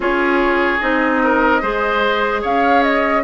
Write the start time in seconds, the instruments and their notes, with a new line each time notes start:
0.00 bassoon C#4, clarinet F4, oboe G#4, flute C#5
0.80 bassoon C4, clarinet D#4, flute D#5
1.23 oboe A#4
1.61 bassoon G#3, clarinet G#4, oboe C5
2.41 bassoon C#4, oboe C#5, flute F5
2.82 flute D#5